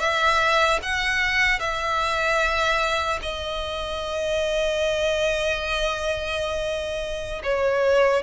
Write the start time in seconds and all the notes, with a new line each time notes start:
0.00 E5
0.83 F#5
1.60 E5
3.23 D#5
7.44 C#5